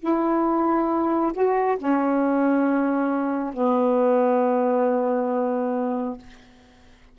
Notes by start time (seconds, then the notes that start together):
0.00 E4
1.33 F#4
1.78 C#4
3.53 B3